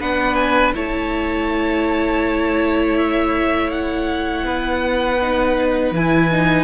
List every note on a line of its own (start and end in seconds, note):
0.00 0.75 B3
0.00 0.74 D4
0.00 0.74 B4
0.00 0.35 F#5
0.35 0.72 G#5
0.74 4.44 A3
0.74 5.19 E4
0.74 4.45 C#5
0.74 2.97 A5
2.97 3.71 E5
3.71 5.93 F#5
4.44 5.92 B3
4.44 6.63 B4
5.21 5.95 D#4
5.92 6.63 E3
5.92 6.31 E4
5.92 6.63 G#5
6.31 6.63 D#4